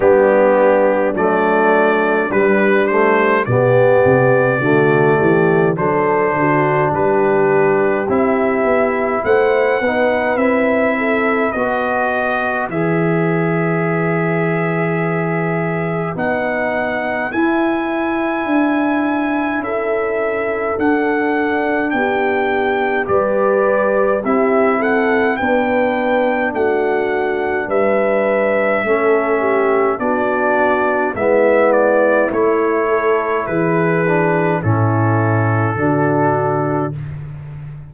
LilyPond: <<
  \new Staff \with { instrumentName = "trumpet" } { \time 4/4 \tempo 4 = 52 g'4 d''4 b'8 c''8 d''4~ | d''4 c''4 b'4 e''4 | fis''4 e''4 dis''4 e''4~ | e''2 fis''4 gis''4~ |
gis''4 e''4 fis''4 g''4 | d''4 e''8 fis''8 g''4 fis''4 | e''2 d''4 e''8 d''8 | cis''4 b'4 a'2 | }
  \new Staff \with { instrumentName = "horn" } { \time 4/4 d'2. g'4 | fis'8 g'8 a'8 fis'8 g'2 | c''8 b'4 a'8 b'2~ | b'1~ |
b'4 a'2 g'4 | b'4 g'8 a'8 b'4 fis'4 | b'4 a'8 g'8 fis'4 e'4~ | e'8 a'8 gis'4 e'4 fis'4 | }
  \new Staff \with { instrumentName = "trombone" } { \time 4/4 b4 a4 g8 a8 b4 | a4 d'2 e'4~ | e'8 dis'8 e'4 fis'4 gis'4~ | gis'2 dis'4 e'4~ |
e'2 d'2 | g'4 e'4 d'2~ | d'4 cis'4 d'4 b4 | e'4. d'8 cis'4 d'4 | }
  \new Staff \with { instrumentName = "tuba" } { \time 4/4 g4 fis4 g4 b,8 c8 | d8 e8 fis8 d8 g4 c'8 b8 | a8 b8 c'4 b4 e4~ | e2 b4 e'4 |
d'4 cis'4 d'4 b4 | g4 c'4 b4 a4 | g4 a4 b4 gis4 | a4 e4 a,4 d4 | }
>>